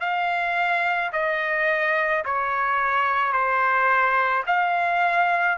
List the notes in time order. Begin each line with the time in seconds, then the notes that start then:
0.00 F5
1.12 D#5
2.25 C#5
3.32 C5
4.46 F5